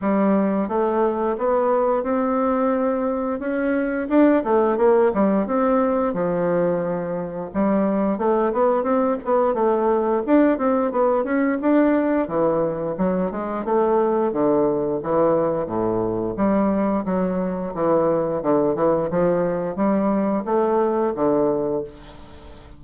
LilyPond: \new Staff \with { instrumentName = "bassoon" } { \time 4/4 \tempo 4 = 88 g4 a4 b4 c'4~ | c'4 cis'4 d'8 a8 ais8 g8 | c'4 f2 g4 | a8 b8 c'8 b8 a4 d'8 c'8 |
b8 cis'8 d'4 e4 fis8 gis8 | a4 d4 e4 a,4 | g4 fis4 e4 d8 e8 | f4 g4 a4 d4 | }